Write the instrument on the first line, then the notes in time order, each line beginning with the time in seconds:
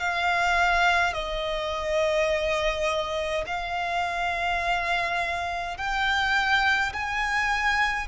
violin
0.00 F5
1.13 D#5
3.47 F5
5.77 G5
6.93 G#5